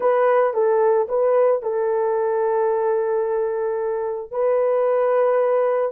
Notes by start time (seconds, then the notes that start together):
0.00 B4
0.53 A4
1.08 B4
1.62 A4
4.31 B4